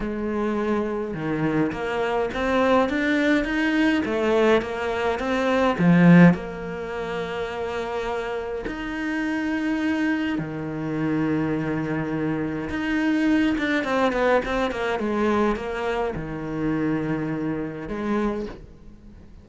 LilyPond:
\new Staff \with { instrumentName = "cello" } { \time 4/4 \tempo 4 = 104 gis2 dis4 ais4 | c'4 d'4 dis'4 a4 | ais4 c'4 f4 ais4~ | ais2. dis'4~ |
dis'2 dis2~ | dis2 dis'4. d'8 | c'8 b8 c'8 ais8 gis4 ais4 | dis2. gis4 | }